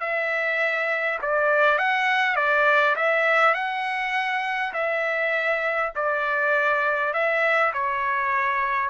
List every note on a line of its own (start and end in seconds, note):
0.00 1.19 E5
1.22 1.78 D5
1.78 2.36 F#5
2.36 2.95 D5
2.96 3.54 E5
3.54 4.73 F#5
4.74 5.92 E5
5.95 7.13 D5
7.13 7.73 E5
7.73 8.89 C#5